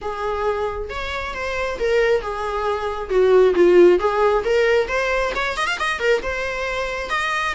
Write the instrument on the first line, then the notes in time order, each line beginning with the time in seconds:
viola
0.01 G#4
0.89 C#5
1.34 C5
1.79 A#4
2.21 G#4
3.09 F#4
3.55 F4
3.99 G#4
4.44 A#4
4.87 C5
5.35 C#5
5.57 D#5
5.66 F5
5.79 D#5
5.99 A#4
6.22 C5
7.09 D#5